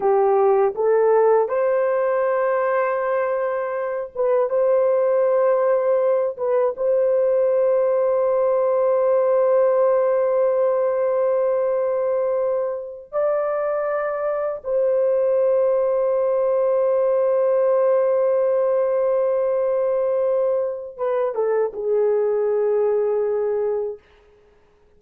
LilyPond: \new Staff \with { instrumentName = "horn" } { \time 4/4 \tempo 4 = 80 g'4 a'4 c''2~ | c''4. b'8 c''2~ | c''8 b'8 c''2.~ | c''1~ |
c''4. d''2 c''8~ | c''1~ | c''1 | b'8 a'8 gis'2. | }